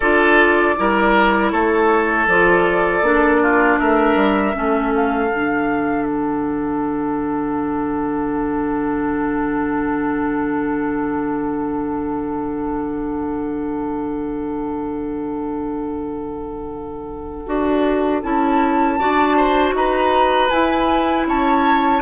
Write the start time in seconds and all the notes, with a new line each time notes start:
0.00 D4 F4 A4 D5
0.76 G3 E4 A#4
1.50 A3 A4 C#5
2.27 F3 F4 D5
3.01 A#3 D4
3.42 F4
3.78 A3 A#4 E5
4.15 G3
4.53 A3 C#4 A4
4.95 F5
5.30 D3 D4
6.06 F#5
17.46 D4 F#4
18.22 C#4 E4 A5
18.98 D4 F#4 D5
19.36 C5
19.72 D#4 B4 A#5
20.50 E4 G#5
21.27 C#4 C#5 A5